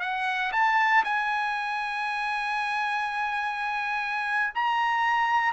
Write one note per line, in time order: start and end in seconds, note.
0.00 0.52 F#5
0.52 1.04 A5
1.04 4.53 G#5
4.54 5.52 A#5